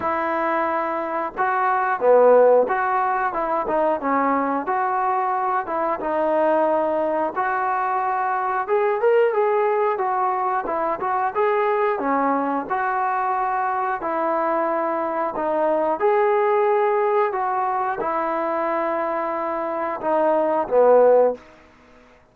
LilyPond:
\new Staff \with { instrumentName = "trombone" } { \time 4/4 \tempo 4 = 90 e'2 fis'4 b4 | fis'4 e'8 dis'8 cis'4 fis'4~ | fis'8 e'8 dis'2 fis'4~ | fis'4 gis'8 ais'8 gis'4 fis'4 |
e'8 fis'8 gis'4 cis'4 fis'4~ | fis'4 e'2 dis'4 | gis'2 fis'4 e'4~ | e'2 dis'4 b4 | }